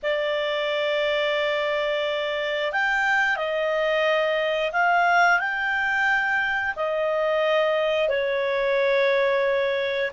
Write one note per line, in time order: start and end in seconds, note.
0.02 2.72 D5
2.72 3.36 G5
3.36 4.71 D#5
4.72 5.39 F5
5.39 6.74 G5
6.75 8.09 D#5
8.09 10.11 C#5